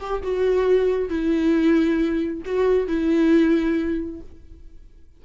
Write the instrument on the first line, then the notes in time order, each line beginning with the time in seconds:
viola
0.00 G4
0.23 F#4
1.09 E4
2.45 F#4
2.87 E4